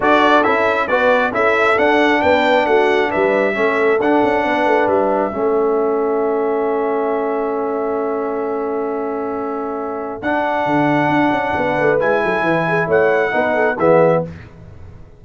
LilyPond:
<<
  \new Staff \with { instrumentName = "trumpet" } { \time 4/4 \tempo 4 = 135 d''4 e''4 d''4 e''4 | fis''4 g''4 fis''4 e''4~ | e''4 fis''2 e''4~ | e''1~ |
e''1~ | e''2. fis''4~ | fis''2. gis''4~ | gis''4 fis''2 e''4 | }
  \new Staff \with { instrumentName = "horn" } { \time 4/4 a'2 b'4 a'4~ | a'4 b'4 fis'4 b'4 | a'2 b'2 | a'1~ |
a'1~ | a'1~ | a'2 b'4. a'8 | b'8 gis'8 cis''4 b'8 a'8 gis'4 | }
  \new Staff \with { instrumentName = "trombone" } { \time 4/4 fis'4 e'4 fis'4 e'4 | d'1 | cis'4 d'2. | cis'1~ |
cis'1~ | cis'2. d'4~ | d'2. e'4~ | e'2 dis'4 b4 | }
  \new Staff \with { instrumentName = "tuba" } { \time 4/4 d'4 cis'4 b4 cis'4 | d'4 b4 a4 g4 | a4 d'8 cis'8 b8 a8 g4 | a1~ |
a1~ | a2. d'4 | d4 d'8 cis'8 b8 a8 gis8 fis8 | e4 a4 b4 e4 | }
>>